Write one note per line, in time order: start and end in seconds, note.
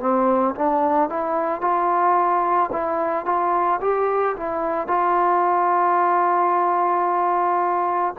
0.00 0.55 C4
0.55 1.10 D4
1.10 1.61 E4
1.61 2.70 F4
2.72 3.25 E4
3.25 3.79 F4
3.81 4.35 G4
4.36 4.87 E4
4.87 8.15 F4